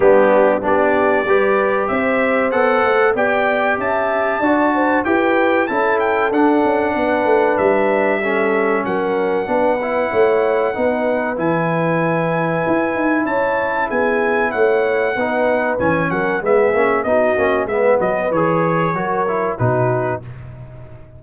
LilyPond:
<<
  \new Staff \with { instrumentName = "trumpet" } { \time 4/4 \tempo 4 = 95 g'4 d''2 e''4 | fis''4 g''4 a''2 | g''4 a''8 g''8 fis''2 | e''2 fis''2~ |
fis''2 gis''2~ | gis''4 a''4 gis''4 fis''4~ | fis''4 gis''8 fis''8 e''4 dis''4 | e''8 dis''8 cis''2 b'4 | }
  \new Staff \with { instrumentName = "horn" } { \time 4/4 d'4 g'4 b'4 c''4~ | c''4 d''4 e''4 d''8 c''8 | b'4 a'2 b'4~ | b'4 a'4 ais'4 b'4 |
cis''4 b'2.~ | b'4 cis''4 gis'4 cis''4 | b'4. ais'8 gis'4 fis'4 | b'2 ais'4 fis'4 | }
  \new Staff \with { instrumentName = "trombone" } { \time 4/4 b4 d'4 g'2 | a'4 g'2 fis'4 | g'4 e'4 d'2~ | d'4 cis'2 d'8 e'8~ |
e'4 dis'4 e'2~ | e'1 | dis'4 cis'4 b8 cis'8 dis'8 cis'8 | b4 gis'4 fis'8 e'8 dis'4 | }
  \new Staff \with { instrumentName = "tuba" } { \time 4/4 g4 b4 g4 c'4 | b8 a8 b4 cis'4 d'4 | e'4 cis'4 d'8 cis'8 b8 a8 | g2 fis4 b4 |
a4 b4 e2 | e'8 dis'8 cis'4 b4 a4 | b4 e8 fis8 gis8 ais8 b8 ais8 | gis8 fis8 e4 fis4 b,4 | }
>>